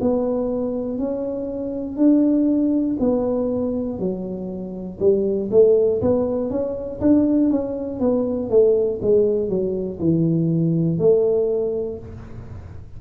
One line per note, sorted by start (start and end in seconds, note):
0.00 0.98 B3
0.98 1.96 C#4
1.96 2.96 D4
2.99 3.99 B3
3.99 4.99 F#3
4.99 5.49 G3
5.51 6.01 A3
6.01 6.50 B3
6.50 7.00 C#4
7.00 7.50 D4
7.50 7.99 C#4
7.99 8.49 B3
8.50 9.00 A3
9.01 9.49 G#3
9.49 9.99 F#3
9.99 10.98 E3
10.98 11.98 A3